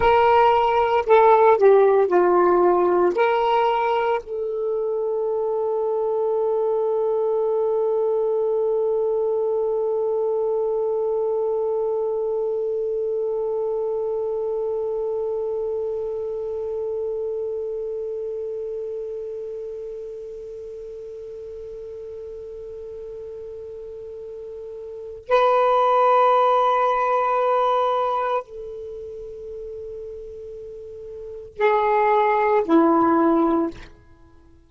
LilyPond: \new Staff \with { instrumentName = "saxophone" } { \time 4/4 \tempo 4 = 57 ais'4 a'8 g'8 f'4 ais'4 | a'1~ | a'1~ | a'1~ |
a'1~ | a'1 | b'2. a'4~ | a'2 gis'4 e'4 | }